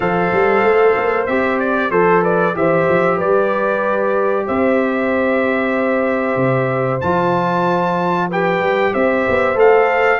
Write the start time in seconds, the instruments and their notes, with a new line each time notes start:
0.00 tuba F3, trombone A4, horn C5, trumpet F5
0.32 tuba G3
0.63 tuba A3
0.96 tuba A#3
1.26 tuba C4, trombone G4, trumpet E5
1.59 trumpet D5
1.90 tuba F3, horn A4, trombone A4, trumpet C5
2.22 horn B4, trumpet D5
2.54 tuba E3, trombone G4, horn C5, trumpet E5
2.89 tuba F3
3.16 tuba G3, horn B4, trumpet D5
4.46 tuba C4, horn C5, trumpet E5
6.36 tuba C3
7.00 tuba F3, trombone F4, trumpet A5
8.29 trombone G4, horn B4, trumpet G5
8.60 tuba G3
8.93 tuba C4, horn C5, trumpet E5
9.28 tuba B3
9.55 tuba A3, trombone A4, trumpet F5